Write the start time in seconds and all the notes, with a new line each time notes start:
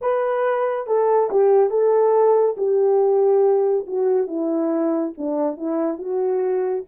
0.01 B4
0.86 A4
1.30 G4
1.69 A4
2.57 G4
3.86 F#4
4.27 E4
5.17 D4
5.56 E4
5.98 F#4